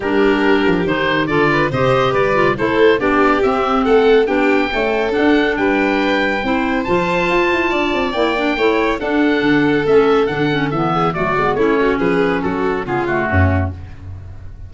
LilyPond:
<<
  \new Staff \with { instrumentName = "oboe" } { \time 4/4 \tempo 4 = 140 ais'2 c''4 d''4 | dis''4 d''4 c''4 d''4 | e''4 fis''4 g''2 | fis''4 g''2. |
a''2. g''4~ | g''4 fis''2 e''4 | fis''4 e''4 d''4 cis''4 | b'4 a'4 gis'8 fis'4. | }
  \new Staff \with { instrumentName = "violin" } { \time 4/4 g'2. a'8 b'8 | c''4 b'4 a'4 g'4~ | g'4 a'4 g'4 a'4~ | a'4 b'2 c''4~ |
c''2 d''2 | cis''4 a'2.~ | a'4. gis'8 fis'4 e'8 fis'8 | gis'4 fis'4 f'4 cis'4 | }
  \new Staff \with { instrumentName = "clarinet" } { \time 4/4 d'2 dis'4 f'4 | g'4. f'8 e'4 d'4 | c'2 d'4 a4 | d'2. e'4 |
f'2. e'8 d'8 | e'4 d'2 cis'4 | d'8 cis'8 b4 a8 b8 cis'4~ | cis'2 b8 a4. | }
  \new Staff \with { instrumentName = "tuba" } { \time 4/4 g4. f8 dis4 d4 | c4 g4 a4 b4 | c'4 a4 b4 cis'4 | d'4 g2 c'4 |
f4 f'8 e'8 d'8 c'8 ais4 | a4 d'4 d4 a4 | d4 e4 fis8 gis8 a4 | f4 fis4 cis4 fis,4 | }
>>